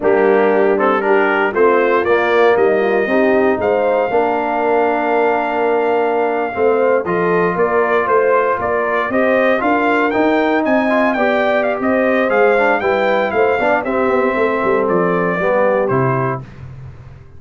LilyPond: <<
  \new Staff \with { instrumentName = "trumpet" } { \time 4/4 \tempo 4 = 117 g'4. a'8 ais'4 c''4 | d''4 dis''2 f''4~ | f''1~ | f''4.~ f''16 dis''4 d''4 c''16~ |
c''8. d''4 dis''4 f''4 g''16~ | g''8. gis''4 g''4 f''16 dis''4 | f''4 g''4 f''4 e''4~ | e''4 d''2 c''4 | }
  \new Staff \with { instrumentName = "horn" } { \time 4/4 d'2 g'4 f'4~ | f'4 dis'8 f'8 g'4 c''4 | ais'1~ | ais'8. c''4 a'4 ais'4 c''16~ |
c''8. ais'4 c''4 ais'4~ ais'16~ | ais'8. dis''4 d''4~ d''16 c''4~ | c''4 b'4 c''8 d''8 g'4 | a'2 g'2 | }
  \new Staff \with { instrumentName = "trombone" } { \time 4/4 ais4. c'8 d'4 c'4 | ais2 dis'2 | d'1~ | d'8. c'4 f'2~ f'16~ |
f'4.~ f'16 g'4 f'4 dis'16~ | dis'4~ dis'16 f'8 g'2~ g'16 | gis'8 d'8 e'4. d'8 c'4~ | c'2 b4 e'4 | }
  \new Staff \with { instrumentName = "tuba" } { \time 4/4 g2. a4 | ais4 g4 c'4 gis4 | ais1~ | ais8. a4 f4 ais4 a16~ |
a8. ais4 c'4 d'4 dis'16~ | dis'8. c'4 b4~ b16 c'4 | gis4 g4 a8 b8 c'8 b8 | a8 g8 f4 g4 c4 | }
>>